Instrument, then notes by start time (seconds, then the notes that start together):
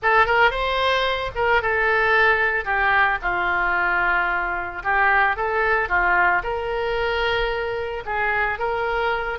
oboe
0.02 A4
0.26 A#4
0.50 C5
1.35 A#4
1.62 A4
2.64 G4
3.22 F4
4.83 G4
5.36 A4
5.88 F4
6.43 A#4
8.05 G#4
8.58 A#4